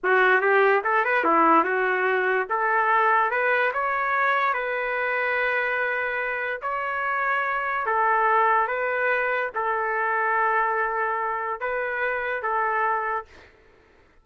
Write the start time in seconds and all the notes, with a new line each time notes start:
0.03 F#4
0.41 G4
0.84 A4
1.04 B4
1.23 E4
1.63 F#4
2.49 A4
3.30 B4
3.73 C#5
4.53 B4
6.62 C#5
7.86 A4
8.67 B4
9.54 A4
11.60 B4
12.42 A4